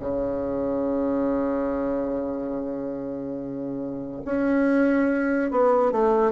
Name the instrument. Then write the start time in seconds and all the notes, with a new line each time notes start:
bassoon
0.00 C#3
4.25 C#4
5.51 B3
5.92 A3